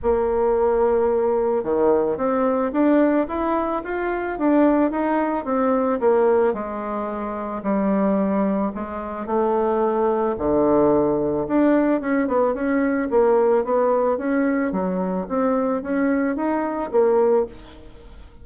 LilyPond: \new Staff \with { instrumentName = "bassoon" } { \time 4/4 \tempo 4 = 110 ais2. dis4 | c'4 d'4 e'4 f'4 | d'4 dis'4 c'4 ais4 | gis2 g2 |
gis4 a2 d4~ | d4 d'4 cis'8 b8 cis'4 | ais4 b4 cis'4 fis4 | c'4 cis'4 dis'4 ais4 | }